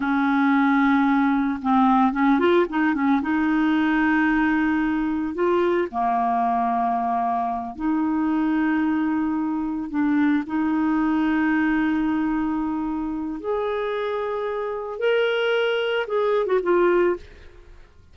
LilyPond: \new Staff \with { instrumentName = "clarinet" } { \time 4/4 \tempo 4 = 112 cis'2. c'4 | cis'8 f'8 dis'8 cis'8 dis'2~ | dis'2 f'4 ais4~ | ais2~ ais8 dis'4.~ |
dis'2~ dis'8 d'4 dis'8~ | dis'1~ | dis'4 gis'2. | ais'2 gis'8. fis'16 f'4 | }